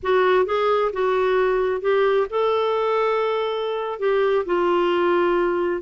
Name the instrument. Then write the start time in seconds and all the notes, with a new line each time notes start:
clarinet
0.02 F#4
0.45 G#4
0.92 F#4
1.81 G4
2.29 A4
3.99 G4
4.45 F4